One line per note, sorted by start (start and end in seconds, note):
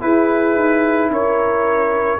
0.00 2.18 E4
0.00 0.55 E4
0.00 1.11 G#4
0.00 1.10 B4
0.55 1.09 D#4
1.09 2.18 C#4
1.09 2.19 A#4
1.09 2.19 C#5